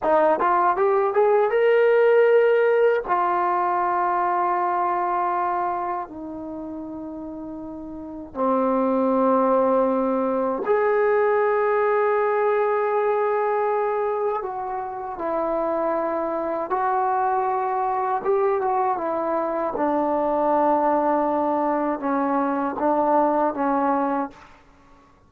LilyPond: \new Staff \with { instrumentName = "trombone" } { \time 4/4 \tempo 4 = 79 dis'8 f'8 g'8 gis'8 ais'2 | f'1 | dis'2. c'4~ | c'2 gis'2~ |
gis'2. fis'4 | e'2 fis'2 | g'8 fis'8 e'4 d'2~ | d'4 cis'4 d'4 cis'4 | }